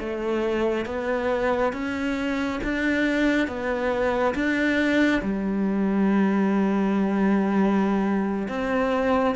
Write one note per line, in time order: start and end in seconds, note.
0.00 0.86 A3
0.86 1.73 B3
1.74 2.60 C#4
2.64 3.48 D4
3.48 4.35 B3
4.35 5.22 D4
5.22 8.48 G3
8.49 9.36 C4